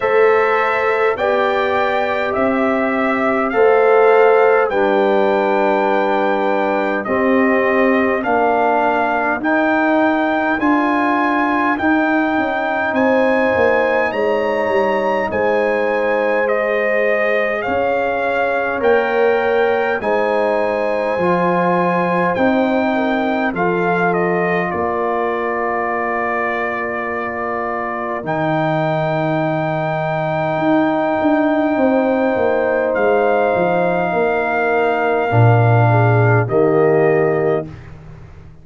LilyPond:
<<
  \new Staff \with { instrumentName = "trumpet" } { \time 4/4 \tempo 4 = 51 e''4 g''4 e''4 f''4 | g''2 dis''4 f''4 | g''4 gis''4 g''4 gis''4 | ais''4 gis''4 dis''4 f''4 |
g''4 gis''2 g''4 | f''8 dis''8 d''2. | g''1 | f''2. dis''4 | }
  \new Staff \with { instrumentName = "horn" } { \time 4/4 c''4 d''4 e''4 c''4 | b'2 g'4 ais'4~ | ais'2. c''4 | cis''4 c''2 cis''4~ |
cis''4 c''2~ c''8 ais'8 | a'4 ais'2.~ | ais'2. c''4~ | c''4 ais'4. gis'8 g'4 | }
  \new Staff \with { instrumentName = "trombone" } { \time 4/4 a'4 g'2 a'4 | d'2 c'4 d'4 | dis'4 f'4 dis'2~ | dis'2 gis'2 |
ais'4 dis'4 f'4 dis'4 | f'1 | dis'1~ | dis'2 d'4 ais4 | }
  \new Staff \with { instrumentName = "tuba" } { \time 4/4 a4 b4 c'4 a4 | g2 c'4 ais4 | dis'4 d'4 dis'8 cis'8 c'8 ais8 | gis8 g8 gis2 cis'4 |
ais4 gis4 f4 c'4 | f4 ais2. | dis2 dis'8 d'8 c'8 ais8 | gis8 f8 ais4 ais,4 dis4 | }
>>